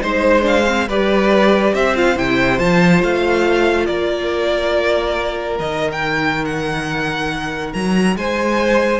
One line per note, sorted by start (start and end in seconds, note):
0.00 0.87 G#3
0.00 0.41 D#4
0.00 0.44 C5
0.00 0.88 C5
0.41 0.63 D4
0.41 0.88 F5
0.66 0.87 C4
0.87 1.73 G3
0.87 1.95 G4
0.87 1.73 B4
0.87 1.74 D5
1.73 2.16 C4
1.73 3.86 C5
1.73 1.96 E5
1.95 2.16 F4
1.95 2.18 F5
2.16 2.59 C3
2.16 2.59 E4
2.16 2.58 G5
2.58 3.02 F3
2.58 5.58 F4
2.58 3.01 A5
3.02 3.88 A3
3.02 3.86 F5
3.86 5.59 A#3
3.86 8.15 A#4
3.86 5.57 D5
5.58 7.73 D#3
5.58 9.00 D#4
5.58 5.91 D#5
5.92 6.45 G5
6.45 7.73 F#5
7.73 8.16 F#3
7.73 8.16 A#5
8.16 9.00 G#3
8.16 9.00 C5
8.16 9.00 G#5